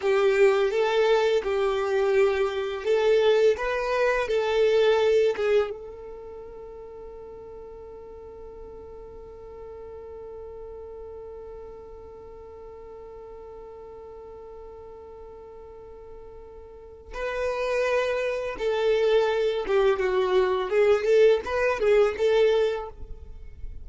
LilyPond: \new Staff \with { instrumentName = "violin" } { \time 4/4 \tempo 4 = 84 g'4 a'4 g'2 | a'4 b'4 a'4. gis'8 | a'1~ | a'1~ |
a'1~ | a'1 | b'2 a'4. g'8 | fis'4 gis'8 a'8 b'8 gis'8 a'4 | }